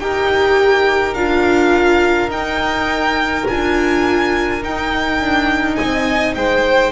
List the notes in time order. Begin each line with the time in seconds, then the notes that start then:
0.00 D#4 G4 A#4 G5
1.14 D4 F4 F5
2.29 D#4 G5
3.48 D4 F4 G#5
4.62 D#4 G5
5.20 D4
5.76 C4 D#5 G#5
6.35 G#3 C5 G5